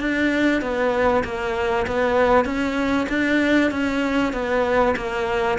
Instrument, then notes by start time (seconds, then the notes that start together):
cello
0.00 D4
0.62 B3
1.25 A#3
1.87 B3
2.45 C#4
3.09 D4
3.71 C#4
4.33 B3
4.97 A#3